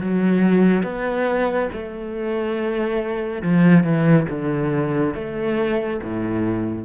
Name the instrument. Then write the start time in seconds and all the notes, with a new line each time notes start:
cello
0.00 F#3
0.83 B3
1.73 A3
3.42 F3
3.83 E3
4.29 D3
5.14 A3
6.03 A2